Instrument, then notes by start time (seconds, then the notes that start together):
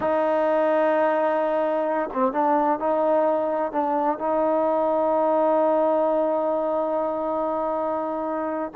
trombone
0.00 D#4
2.13 C4
2.32 D4
2.79 D#4
3.71 D4
4.18 D#4